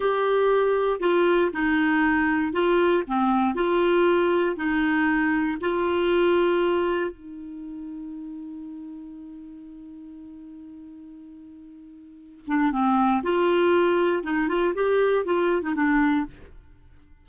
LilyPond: \new Staff \with { instrumentName = "clarinet" } { \time 4/4 \tempo 4 = 118 g'2 f'4 dis'4~ | dis'4 f'4 c'4 f'4~ | f'4 dis'2 f'4~ | f'2 dis'2~ |
dis'1~ | dis'1~ | dis'8 d'8 c'4 f'2 | dis'8 f'8 g'4 f'8. dis'16 d'4 | }